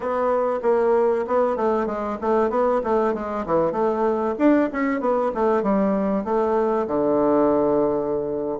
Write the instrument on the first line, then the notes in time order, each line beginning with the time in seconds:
bassoon
0.00 B3
0.62 A#3
1.27 B3
1.56 A3
1.86 G#3
2.21 A3
2.49 B3
2.83 A3
3.14 G#3
3.45 E3
3.72 A3
4.38 D4
4.72 C#4
5.00 B3
5.34 A3
5.62 G3
6.24 A3
6.87 D3